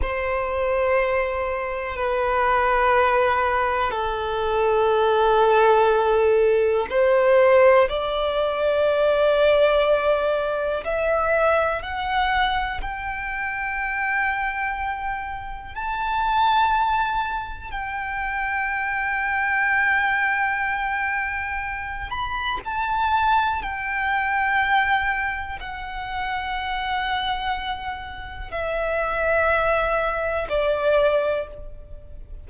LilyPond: \new Staff \with { instrumentName = "violin" } { \time 4/4 \tempo 4 = 61 c''2 b'2 | a'2. c''4 | d''2. e''4 | fis''4 g''2. |
a''2 g''2~ | g''2~ g''8 b''8 a''4 | g''2 fis''2~ | fis''4 e''2 d''4 | }